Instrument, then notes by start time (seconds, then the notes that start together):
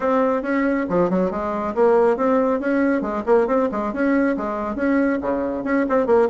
bassoon
0.00 C4
0.42 C#4
0.89 F3
1.10 F#3
1.30 G#3
1.74 A#3
2.16 C4
2.59 C#4
3.01 G#3
3.26 A#3
3.47 C4
3.71 G#3
3.93 C#4
4.36 G#3
4.75 C#4
5.21 C#3
5.64 C#4
5.89 C4
6.06 A#3